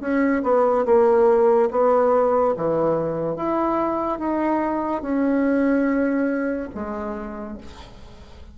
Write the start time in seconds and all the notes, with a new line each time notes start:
0.00 C#4
0.43 B3
0.85 A#3
1.70 B3
2.56 E3
3.36 E4
4.18 D#4
5.02 C#4
6.74 G#3